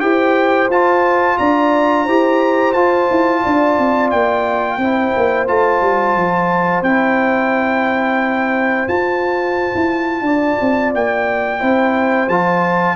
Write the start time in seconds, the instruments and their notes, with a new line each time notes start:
0.00 tuba E4, trombone G4, horn C5, trumpet G5
0.69 tuba F4, trombone F4, trumpet A5
1.38 tuba D4, horn D5, trumpet A#5
2.04 tuba E4, trombone G4, horn C5
2.73 tuba F4, trombone F4, trumpet A5
3.10 tuba E4
3.42 tuba D4, horn D5
3.78 tuba C4
4.10 tuba A#3, trumpet G5
4.78 tuba C4, trombone E4, horn C5
5.16 tuba A#3
5.47 tuba A3, trombone F4, trumpet A5
5.81 tuba G3
6.15 tuba F3
6.82 tuba C4, trombone E4, trumpet G5
8.88 tuba F4, trombone F4, trumpet A5
9.75 tuba E4
10.21 tuba D4, horn D5
10.61 tuba C4
10.94 tuba A#3, trumpet G5
11.59 tuba C4, trombone E4, horn C5
12.28 tuba F3, trombone F4, trumpet A5